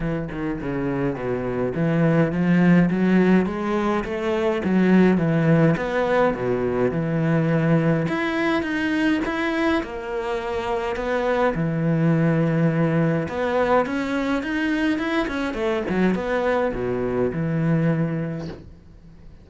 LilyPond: \new Staff \with { instrumentName = "cello" } { \time 4/4 \tempo 4 = 104 e8 dis8 cis4 b,4 e4 | f4 fis4 gis4 a4 | fis4 e4 b4 b,4 | e2 e'4 dis'4 |
e'4 ais2 b4 | e2. b4 | cis'4 dis'4 e'8 cis'8 a8 fis8 | b4 b,4 e2 | }